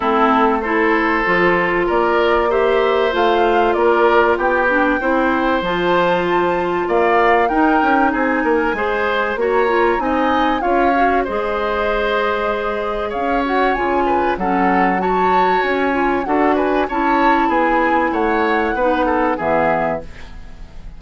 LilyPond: <<
  \new Staff \with { instrumentName = "flute" } { \time 4/4 \tempo 4 = 96 a'4 c''2 d''4 | e''4 f''4 d''4 g''4~ | g''4 a''2 f''4 | g''4 gis''2 ais''4 |
gis''4 f''4 dis''2~ | dis''4 f''8 fis''8 gis''4 fis''4 | a''4 gis''4 fis''8 gis''8 a''4 | gis''4 fis''2 e''4 | }
  \new Staff \with { instrumentName = "oboe" } { \time 4/4 e'4 a'2 ais'4 | c''2 ais'4 g'4 | c''2. d''4 | ais'4 gis'8 ais'8 c''4 cis''4 |
dis''4 cis''4 c''2~ | c''4 cis''4. b'8 a'4 | cis''2 a'8 b'8 cis''4 | gis'4 cis''4 b'8 a'8 gis'4 | }
  \new Staff \with { instrumentName = "clarinet" } { \time 4/4 c'4 e'4 f'2 | g'4 f'2~ f'8 d'8 | e'4 f'2. | dis'2 gis'4 fis'8 f'8 |
dis'4 f'8 fis'8 gis'2~ | gis'4. fis'8 f'4 cis'4 | fis'4. f'8 fis'4 e'4~ | e'2 dis'4 b4 | }
  \new Staff \with { instrumentName = "bassoon" } { \time 4/4 a2 f4 ais4~ | ais4 a4 ais4 b4 | c'4 f2 ais4 | dis'8 cis'8 c'8 ais8 gis4 ais4 |
c'4 cis'4 gis2~ | gis4 cis'4 cis4 fis4~ | fis4 cis'4 d'4 cis'4 | b4 a4 b4 e4 | }
>>